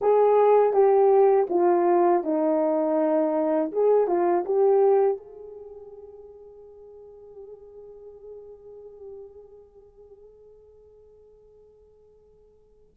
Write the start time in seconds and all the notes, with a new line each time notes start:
0.01 G#4
0.73 G4
1.49 F4
2.23 D#4
3.71 G#4
4.07 F4
4.45 G4
5.17 G#4